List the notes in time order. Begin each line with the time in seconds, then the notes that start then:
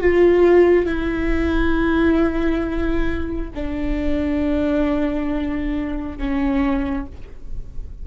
0.00 F4
0.86 E4
3.55 D4
6.18 C#4